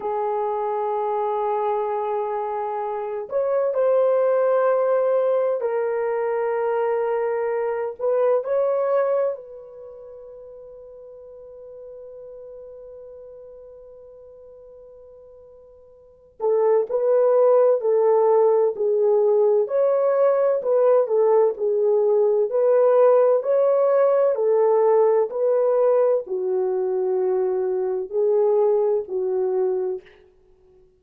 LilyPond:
\new Staff \with { instrumentName = "horn" } { \time 4/4 \tempo 4 = 64 gis'2.~ gis'8 cis''8 | c''2 ais'2~ | ais'8 b'8 cis''4 b'2~ | b'1~ |
b'4. a'8 b'4 a'4 | gis'4 cis''4 b'8 a'8 gis'4 | b'4 cis''4 a'4 b'4 | fis'2 gis'4 fis'4 | }